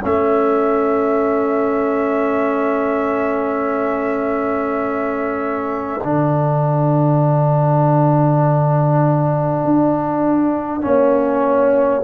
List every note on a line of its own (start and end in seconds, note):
0.00 6.04 A3
0.00 6.00 C#4
0.00 10.83 A4
0.00 6.04 E5
6.04 9.64 D3
6.04 10.81 D4
6.04 12.03 F#5
9.64 10.84 D4
10.81 12.03 A#3
10.81 12.01 C#4
10.81 12.03 C#5